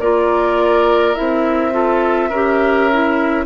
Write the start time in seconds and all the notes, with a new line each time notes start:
0.00 A#3 F4 A#4 D5
1.15 C4 E4 E5
1.72 F4 A4
2.30 C#4 G4 A#4
2.93 E4